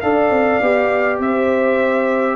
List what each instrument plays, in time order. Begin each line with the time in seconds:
0.00 tuba D4, trombone A4, horn D5, trumpet F5
0.30 tuba C4
0.61 tuba B3, trombone G4
1.19 tuba C4, horn C5, trumpet E5